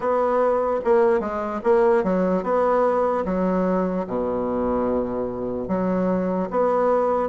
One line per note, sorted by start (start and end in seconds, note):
0.00 0.80 B3
0.84 1.19 A#3
1.19 1.60 G#3
1.63 2.03 A#3
2.03 2.43 F#3
2.43 3.24 B3
3.25 4.06 F#3
4.06 5.68 B2
5.68 6.49 F#3
6.50 7.29 B3